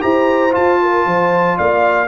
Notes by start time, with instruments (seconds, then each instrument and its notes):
0.00 tuba E4, trombone G4, horn C5, trumpet A#5
0.51 trombone F4, tuba F4, trumpet A5
0.82 horn A#4
1.05 tuba F3, horn C5
1.57 tuba A#3, horn D5, trumpet F5